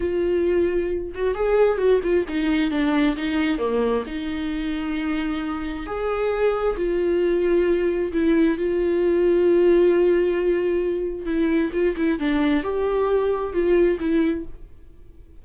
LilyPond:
\new Staff \with { instrumentName = "viola" } { \time 4/4 \tempo 4 = 133 f'2~ f'8 fis'8 gis'4 | fis'8 f'8 dis'4 d'4 dis'4 | ais4 dis'2.~ | dis'4 gis'2 f'4~ |
f'2 e'4 f'4~ | f'1~ | f'4 e'4 f'8 e'8 d'4 | g'2 f'4 e'4 | }